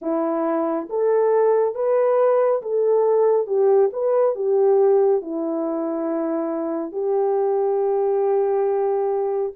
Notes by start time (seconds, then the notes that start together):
0.01 E4
0.89 A4
1.74 B4
2.62 A4
3.46 G4
3.92 B4
4.35 G4
5.21 E4
6.91 G4